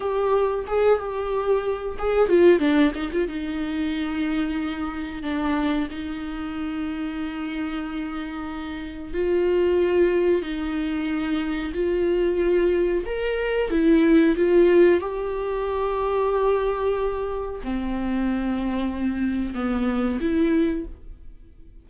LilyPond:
\new Staff \with { instrumentName = "viola" } { \time 4/4 \tempo 4 = 92 g'4 gis'8 g'4. gis'8 f'8 | d'8 dis'16 f'16 dis'2. | d'4 dis'2.~ | dis'2 f'2 |
dis'2 f'2 | ais'4 e'4 f'4 g'4~ | g'2. c'4~ | c'2 b4 e'4 | }